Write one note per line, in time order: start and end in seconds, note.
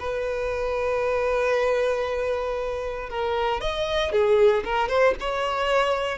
0.00 3.10 B4
3.10 3.61 A#4
3.61 4.12 D#5
4.12 4.64 G#4
4.65 4.89 A#4
4.89 5.14 C5
5.20 6.18 C#5